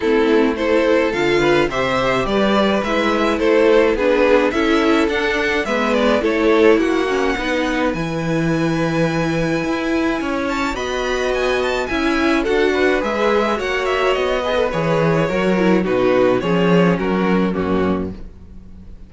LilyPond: <<
  \new Staff \with { instrumentName = "violin" } { \time 4/4 \tempo 4 = 106 a'4 c''4 f''4 e''4 | d''4 e''4 c''4 b'4 | e''4 fis''4 e''8 d''8 cis''4 | fis''2 gis''2~ |
gis''2~ gis''8 a''8 b''4 | gis''8 a''8 gis''4 fis''4 e''4 | fis''8 e''8 dis''4 cis''2 | b'4 cis''4 ais'4 fis'4 | }
  \new Staff \with { instrumentName = "violin" } { \time 4/4 e'4 a'4. b'8 c''4 | b'2 a'4 gis'4 | a'2 b'4 a'4 | fis'4 b'2.~ |
b'2 cis''4 dis''4~ | dis''4 e''4 a'8 b'4. | cis''4. b'4. ais'4 | fis'4 gis'4 fis'4 cis'4 | }
  \new Staff \with { instrumentName = "viola" } { \time 4/4 c'4 e'4 f'4 g'4~ | g'4 e'2 d'4 | e'4 d'4 b4 e'4~ | e'8 cis'8 dis'4 e'2~ |
e'2. fis'4~ | fis'4 e'4 fis'4 gis'4 | fis'4. gis'16 a'16 gis'4 fis'8 e'8 | dis'4 cis'2 ais4 | }
  \new Staff \with { instrumentName = "cello" } { \time 4/4 a2 d4 c4 | g4 gis4 a4 b4 | cis'4 d'4 gis4 a4 | ais4 b4 e2~ |
e4 e'4 cis'4 b4~ | b4 cis'4 d'4 gis4 | ais4 b4 e4 fis4 | b,4 f4 fis4 fis,4 | }
>>